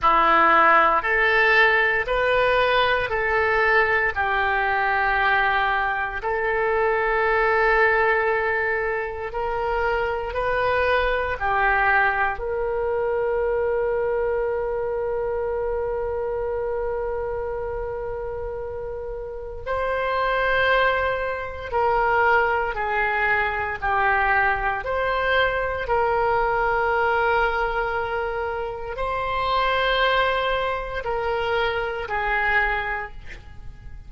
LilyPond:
\new Staff \with { instrumentName = "oboe" } { \time 4/4 \tempo 4 = 58 e'4 a'4 b'4 a'4 | g'2 a'2~ | a'4 ais'4 b'4 g'4 | ais'1~ |
ais'2. c''4~ | c''4 ais'4 gis'4 g'4 | c''4 ais'2. | c''2 ais'4 gis'4 | }